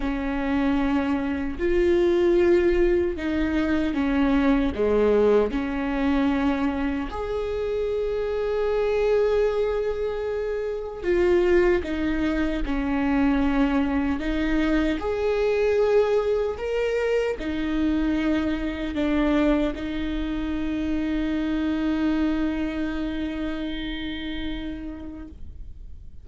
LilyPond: \new Staff \with { instrumentName = "viola" } { \time 4/4 \tempo 4 = 76 cis'2 f'2 | dis'4 cis'4 gis4 cis'4~ | cis'4 gis'2.~ | gis'2 f'4 dis'4 |
cis'2 dis'4 gis'4~ | gis'4 ais'4 dis'2 | d'4 dis'2.~ | dis'1 | }